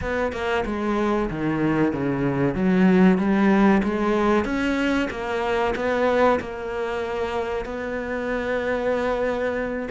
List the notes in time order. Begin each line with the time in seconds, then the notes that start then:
0.01 B3
0.32 A#3
0.65 G#3
1.29 D#3
1.92 C#3
2.54 F#3
3.18 G3
3.83 G#3
4.44 C#4
5.10 A#3
5.75 B3
6.40 A#3
7.65 B3